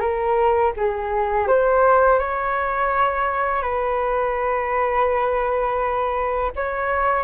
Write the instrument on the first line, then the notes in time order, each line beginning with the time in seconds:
flute
0.00 A#4
0.76 G#4
1.47 C5
2.19 C#5
3.62 B4
6.56 C#5